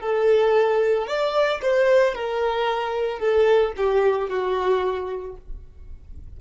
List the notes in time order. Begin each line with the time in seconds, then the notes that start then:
0.00 A4
1.07 D5
1.62 C5
2.15 A#4
3.19 A4
3.76 G4
4.29 F#4